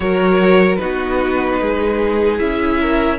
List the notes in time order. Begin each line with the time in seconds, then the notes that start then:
0.00 F#3 F#4 A#4 C#5
0.76 B3 D#4 F#4 B4
1.61 G#3 G#4
2.38 C#4 E4 E5
2.80 A#4